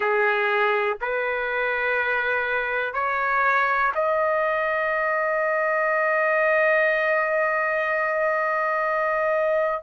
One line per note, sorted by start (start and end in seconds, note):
0.00 0.97 G#4
1.01 2.93 B4
2.93 3.92 C#5
3.94 9.82 D#5